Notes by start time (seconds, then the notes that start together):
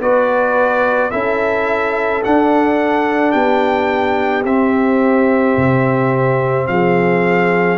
0.00 B3 F#4 B4 D5
1.11 C#4 E4 A4 E5
2.23 D4 F#5
3.31 B3 G4 G5
4.44 C4 E5
5.56 C3
6.67 F3 G#4 F5